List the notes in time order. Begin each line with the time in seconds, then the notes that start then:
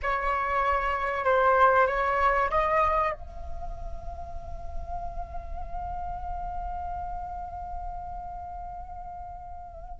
0.02 C#5
1.24 C5
1.87 C#5
2.50 D#5
3.12 F5